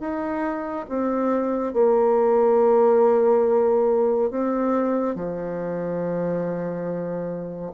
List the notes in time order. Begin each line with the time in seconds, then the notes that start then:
0.00 D#4
0.89 C4
1.73 A#3
4.31 C4
5.15 F3